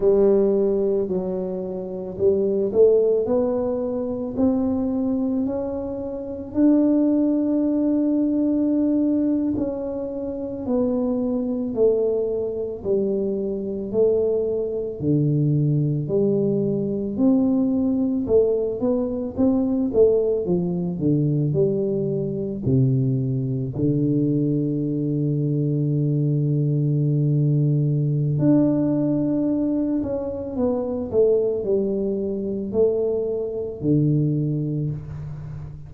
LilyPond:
\new Staff \with { instrumentName = "tuba" } { \time 4/4 \tempo 4 = 55 g4 fis4 g8 a8 b4 | c'4 cis'4 d'2~ | d'8. cis'4 b4 a4 g16~ | g8. a4 d4 g4 c'16~ |
c'8. a8 b8 c'8 a8 f8 d8 g16~ | g8. c4 d2~ d16~ | d2 d'4. cis'8 | b8 a8 g4 a4 d4 | }